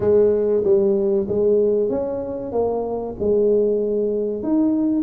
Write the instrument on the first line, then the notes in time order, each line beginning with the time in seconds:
tuba
0.00 G#3
0.63 G3
1.28 G#3
1.89 C#4
2.52 A#3
3.19 G#3
4.42 D#4